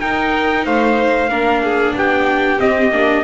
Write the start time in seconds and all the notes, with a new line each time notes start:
0.00 D#4 A#4 G5
0.65 A3 C5 F5
1.29 A#3 D4 A#4
1.64 G#4
1.95 B3 G4 G5
2.58 C4 D#5
2.91 A#3 D4